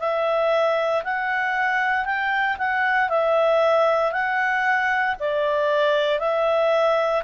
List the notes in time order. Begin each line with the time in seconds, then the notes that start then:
0.00 E5
1.04 F#5
2.05 G5
2.58 F#5
3.09 E5
4.12 F#5
5.20 D5
6.20 E5